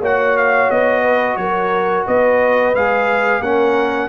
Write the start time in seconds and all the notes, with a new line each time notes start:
0.00 A#3 F#4 C#5 F#5
0.37 F5
0.70 B3 D#5
1.03 B4
1.36 F#3 A#4 C#5
2.07 B3 B4 D#5
2.75 G#3 G#4 F5
3.40 A#3 C#4 A#4 F#5